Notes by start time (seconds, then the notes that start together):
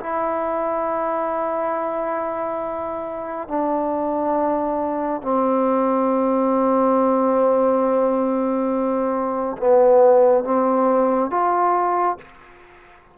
0.00 E4
3.48 D4
5.22 C4
9.57 B3
10.44 C4
11.30 F4